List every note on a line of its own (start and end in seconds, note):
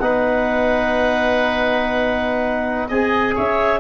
0.00 2.90 B3
0.00 2.91 D#4
0.00 2.89 B4
0.00 2.88 F#5
2.89 3.36 C4
2.89 3.80 G#4
2.89 3.35 D#5
2.89 3.35 G#5
3.35 3.80 C#4
3.35 3.80 C#5
3.35 3.80 E5